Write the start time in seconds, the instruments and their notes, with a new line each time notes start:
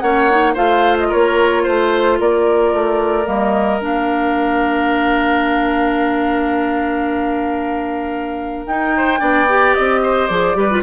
0.00 bassoon A#3, clarinet C#4, oboe C#5, flute F#5
0.30 clarinet D#4
0.53 bassoon A3, clarinet F4, oboe C5, flute F5
0.99 flute D#5
1.09 bassoon A#3, oboe A#4, flute C#5
1.64 bassoon A3, oboe C5, flute C5
2.19 bassoon A#3, oboe A#4, flute D5
2.73 bassoon A3
3.25 bassoon G3, clarinet A#3, flute D#5
3.80 bassoon A#3, clarinet D4, flute F5
8.66 bassoon D#4, clarinet D#4, flute G5
8.97 oboe C5
9.19 bassoon B3, clarinet D4, oboe D5
9.48 clarinet G4
9.74 bassoon C4, flute D#5
10.02 oboe C5
10.27 bassoon F3, clarinet G#4, flute D5
10.55 bassoon G3, clarinet G4, oboe B4
10.70 clarinet F4